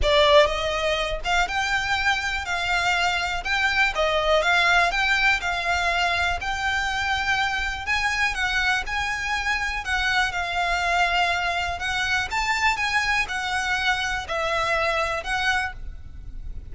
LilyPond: \new Staff \with { instrumentName = "violin" } { \time 4/4 \tempo 4 = 122 d''4 dis''4. f''8 g''4~ | g''4 f''2 g''4 | dis''4 f''4 g''4 f''4~ | f''4 g''2. |
gis''4 fis''4 gis''2 | fis''4 f''2. | fis''4 a''4 gis''4 fis''4~ | fis''4 e''2 fis''4 | }